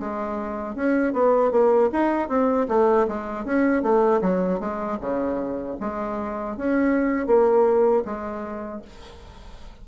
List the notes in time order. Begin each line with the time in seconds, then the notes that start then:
0.00 G#3
0.76 C#4
1.13 B3
1.52 A#3
1.93 D#4
2.29 C4
2.69 A3
3.08 G#3
3.45 C#4
3.83 A3
4.22 F#3
4.60 G#3
5.01 C#3
5.80 G#3
6.57 C#4
7.27 A#3
8.05 G#3